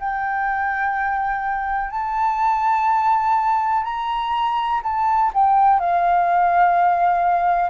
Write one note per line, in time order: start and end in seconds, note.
0.00 1.91 G5
1.91 3.84 A5
3.84 4.81 A#5
4.83 5.32 A5
5.34 5.80 G5
5.80 7.70 F5